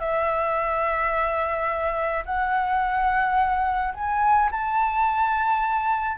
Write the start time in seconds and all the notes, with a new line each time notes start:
0.00 E5
2.26 F#5
3.95 G#5
4.52 A5